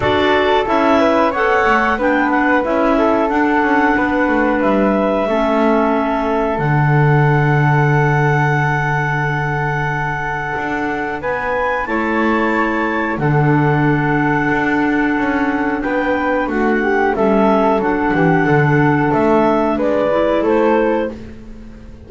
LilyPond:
<<
  \new Staff \with { instrumentName = "clarinet" } { \time 4/4 \tempo 4 = 91 d''4 e''4 fis''4 g''8 fis''8 | e''4 fis''2 e''4~ | e''2 fis''2~ | fis''1~ |
fis''4 gis''4 a''2 | fis''1 | g''4 fis''4 e''4 fis''4~ | fis''4 e''4 d''4 c''4 | }
  \new Staff \with { instrumentName = "flute" } { \time 4/4 a'4. b'8 cis''4 b'4~ | b'8 a'4. b'2 | a'1~ | a'1~ |
a'4 b'4 cis''2 | a'1 | b'4 fis'8 g'8 a'4. g'8 | a'2 b'4 a'4 | }
  \new Staff \with { instrumentName = "clarinet" } { \time 4/4 fis'4 e'4 a'4 d'4 | e'4 d'2. | cis'2 d'2~ | d'1~ |
d'2 e'2 | d'1~ | d'2 cis'4 d'4~ | d'2~ d'8 e'4. | }
  \new Staff \with { instrumentName = "double bass" } { \time 4/4 d'4 cis'4 b8 a8 b4 | cis'4 d'8 cis'8 b8 a8 g4 | a2 d2~ | d1 |
d'4 b4 a2 | d2 d'4 cis'4 | b4 a4 g4 fis8 e8 | d4 a4 gis4 a4 | }
>>